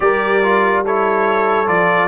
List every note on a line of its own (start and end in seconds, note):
0.00 1.67 G3
0.00 0.42 G4
0.00 0.84 A#4
0.00 0.84 D5
0.42 0.85 F4
0.84 1.66 E4
0.84 2.08 A4
0.84 1.68 C#5
1.66 2.08 F3
1.66 2.08 F4
1.66 2.08 D5